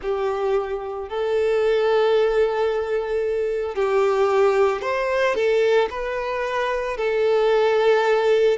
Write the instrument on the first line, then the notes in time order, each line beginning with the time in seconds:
violin
0.02 G4
1.08 A4
3.75 G4
4.81 C5
5.35 A4
5.90 B4
6.96 A4